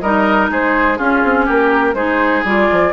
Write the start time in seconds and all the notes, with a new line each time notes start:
0.00 G3 D#4 A#4 D#5
0.50 G#3 G#4 C5
0.96 C#4 F4 G#4
1.23 C4
1.45 A#3 G4 A#4
1.94 G#3 D#4 G#4 C5
2.44 G3 F4 D5
2.71 F3